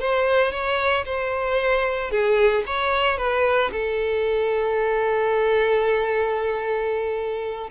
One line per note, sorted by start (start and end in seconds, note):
0.00 0.52 C5
0.52 1.05 C#5
1.05 2.11 C5
2.11 2.64 G#4
2.66 3.18 C#5
3.18 3.71 B4
3.72 7.71 A4